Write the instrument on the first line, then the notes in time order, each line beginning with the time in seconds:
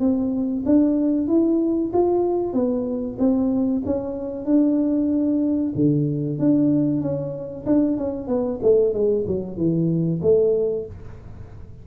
tuba
0.00 C4
0.66 D4
1.28 E4
1.94 F4
2.54 B3
3.19 C4
3.86 C#4
4.46 D4
5.76 D3
6.39 D4
7.02 C#4
7.66 D4
7.98 C#4
8.28 B3
8.63 A3
8.94 G#3
9.28 F#3
9.57 E3
10.22 A3